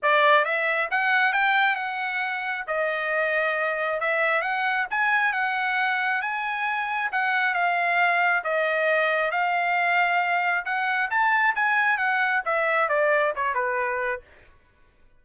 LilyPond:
\new Staff \with { instrumentName = "trumpet" } { \time 4/4 \tempo 4 = 135 d''4 e''4 fis''4 g''4 | fis''2 dis''2~ | dis''4 e''4 fis''4 gis''4 | fis''2 gis''2 |
fis''4 f''2 dis''4~ | dis''4 f''2. | fis''4 a''4 gis''4 fis''4 | e''4 d''4 cis''8 b'4. | }